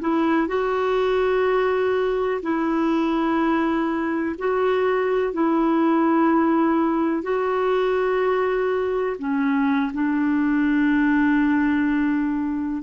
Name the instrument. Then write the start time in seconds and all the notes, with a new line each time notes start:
clarinet
0.00 E4
0.47 F#4
2.42 E4
4.38 F#4
5.33 E4
7.23 F#4
9.18 C#4
9.93 D4